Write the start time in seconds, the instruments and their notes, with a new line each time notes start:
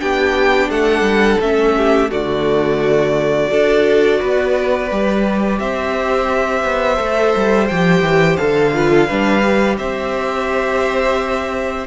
0.00 cello B3, viola D4, violin G4 G5
0.70 cello A3, violin A4 F#5
1.02 cello G3
1.41 cello A3, viola C#4, violin E5
1.77 violin G4
2.09 cello D3, viola A3, violin F#4 D5
3.48 cello D4, viola F#4, violin A4
4.20 cello B3, violin B4
4.91 cello G3, viola G4
5.59 cello C4, violin C5 E5
6.64 cello B3
6.97 cello A3, viola A4
7.36 cello G3
7.68 cello F3, viola G4, violin G5
8.02 cello E3
8.37 cello D3, viola A4, violin F5
8.74 viola F4, violin B4
8.91 violin A4
9.07 cello G3, viola D4, violin B4
9.42 viola G4
9.78 cello C4, violin C5 E5